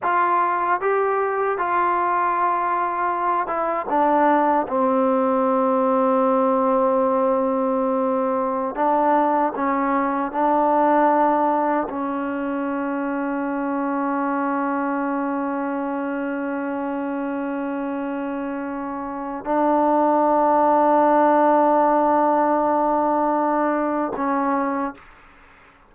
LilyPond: \new Staff \with { instrumentName = "trombone" } { \time 4/4 \tempo 4 = 77 f'4 g'4 f'2~ | f'8 e'8 d'4 c'2~ | c'2.~ c'16 d'8.~ | d'16 cis'4 d'2 cis'8.~ |
cis'1~ | cis'1~ | cis'4 d'2.~ | d'2. cis'4 | }